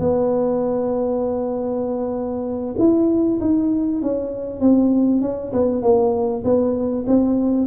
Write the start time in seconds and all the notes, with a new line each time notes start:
0.00 B3
2.79 E4
3.41 D#4
4.02 C#4
4.60 C4
5.22 C#4
5.53 B3
5.82 A#3
6.44 B3
7.07 C4